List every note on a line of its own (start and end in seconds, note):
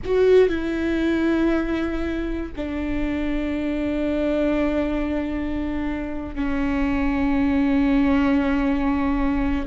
0.04 0.48 F#4
0.48 2.52 E4
2.56 6.35 D4
6.35 9.65 C#4